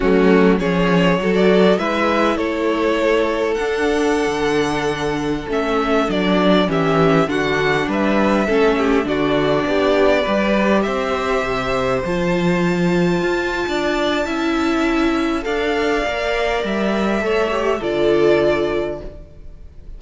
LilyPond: <<
  \new Staff \with { instrumentName = "violin" } { \time 4/4 \tempo 4 = 101 fis'4 cis''4~ cis''16 d''8. e''4 | cis''2 fis''2~ | fis''4~ fis''16 e''4 d''4 e''8.~ | e''16 fis''4 e''2 d''8.~ |
d''2~ d''16 e''4.~ e''16~ | e''16 a''2.~ a''8.~ | a''2 f''2 | e''2 d''2 | }
  \new Staff \with { instrumentName = "violin" } { \time 4/4 cis'4 gis'4 a'4 b'4 | a'1~ | a'2.~ a'16 g'8.~ | g'16 fis'4 b'4 a'8 g'8 fis'8.~ |
fis'16 g'4 b'4 c''4.~ c''16~ | c''2. d''4 | e''2 d''2~ | d''4 cis''4 a'2 | }
  \new Staff \with { instrumentName = "viola" } { \time 4/4 a4 cis'4 fis'4 e'4~ | e'2 d'2~ | d'4~ d'16 cis'4 d'4 cis'8.~ | cis'16 d'2 cis'4 d'8.~ |
d'4~ d'16 g'2~ g'8.~ | g'16 f'2.~ f'8. | e'2 a'4 ais'4~ | ais'4 a'8 g'8 f'2 | }
  \new Staff \with { instrumentName = "cello" } { \time 4/4 fis4 f4 fis4 gis4 | a2 d'4~ d'16 d8.~ | d4~ d16 a4 fis4 e8.~ | e16 d4 g4 a4 d8.~ |
d16 b4 g4 c'4 c8.~ | c16 f2 f'8. d'4 | cis'2 d'4 ais4 | g4 a4 d2 | }
>>